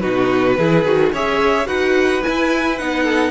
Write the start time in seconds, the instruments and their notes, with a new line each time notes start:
0.00 cello B2, viola D#4, violin F#4 B4
0.58 cello E3, viola E4, violin G#4
0.85 cello D#3, viola F#4
1.13 cello C#4, viola G#4, violin C#5 E5
1.66 cello D#4, viola F#4, violin B4 F#5
2.23 viola E4, cello E4, violin G#5
2.78 cello B3, viola D#4, violin F#5
3.04 violin A4